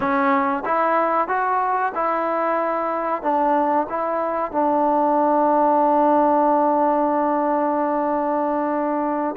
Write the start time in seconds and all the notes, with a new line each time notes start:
0.00 C#4
0.65 E4
1.28 F#4
1.94 E4
3.22 D4
3.89 E4
4.51 D4